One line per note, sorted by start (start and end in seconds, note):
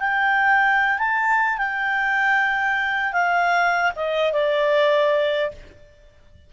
0.00 0.99 G5
0.99 1.58 A5
1.58 3.13 G5
3.13 3.92 F5
3.96 4.33 D#5
4.33 5.52 D5